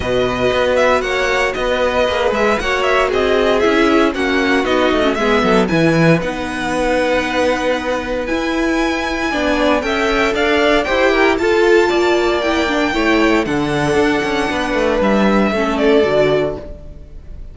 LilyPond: <<
  \new Staff \with { instrumentName = "violin" } { \time 4/4 \tempo 4 = 116 dis''4. e''8 fis''4 dis''4~ | dis''8 e''8 fis''8 e''8 dis''4 e''4 | fis''4 dis''4 e''4 gis''4 | fis''1 |
gis''2. g''4 | f''4 g''4 a''2 | g''2 fis''2~ | fis''4 e''4. d''4. | }
  \new Staff \with { instrumentName = "violin" } { \time 4/4 b'2 cis''4 b'4~ | b'4 cis''4 gis'2 | fis'2 gis'8 a'8 b'4~ | b'1~ |
b'2 d''4 e''4 | d''4 c''8 ais'8 a'4 d''4~ | d''4 cis''4 a'2 | b'2 a'2 | }
  \new Staff \with { instrumentName = "viola" } { \time 4/4 fis'1 | gis'4 fis'2 e'4 | cis'4 dis'8. cis'16 b4 e'4 | dis'1 |
e'2 d'4 a'4~ | a'4 g'4 f'2 | e'8 d'8 e'4 d'2~ | d'2 cis'4 fis'4 | }
  \new Staff \with { instrumentName = "cello" } { \time 4/4 b,4 b4 ais4 b4 | ais8 gis8 ais4 c'4 cis'4 | ais4 b8 a8 gis8 fis8 e4 | b1 |
e'2 b4 cis'4 | d'4 e'4 f'4 ais4~ | ais4 a4 d4 d'8 cis'8 | b8 a8 g4 a4 d4 | }
>>